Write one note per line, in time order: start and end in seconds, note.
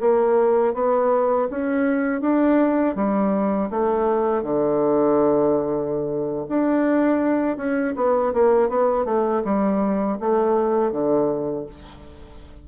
0.00 0.74 A#3
0.74 1.48 B3
1.50 2.21 C#4
2.21 2.95 D4
2.95 3.69 G3
3.70 4.42 A3
4.42 6.46 D3
6.49 7.57 D4
7.57 7.94 C#4
7.96 8.33 B3
8.33 8.69 A#3
8.69 9.05 B3
9.05 9.42 A3
9.44 10.18 G3
10.20 10.92 A3
10.92 11.66 D3